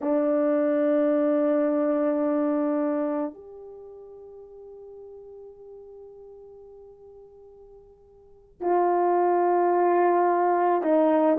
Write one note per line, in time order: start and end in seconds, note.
0.01 3.33 D4
3.33 8.61 G4
8.61 10.82 F4
10.82 11.37 D#4